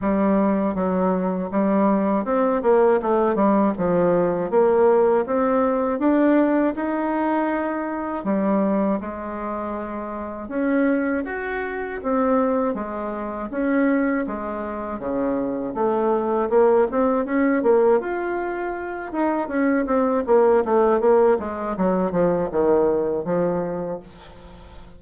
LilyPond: \new Staff \with { instrumentName = "bassoon" } { \time 4/4 \tempo 4 = 80 g4 fis4 g4 c'8 ais8 | a8 g8 f4 ais4 c'4 | d'4 dis'2 g4 | gis2 cis'4 fis'4 |
c'4 gis4 cis'4 gis4 | cis4 a4 ais8 c'8 cis'8 ais8 | f'4. dis'8 cis'8 c'8 ais8 a8 | ais8 gis8 fis8 f8 dis4 f4 | }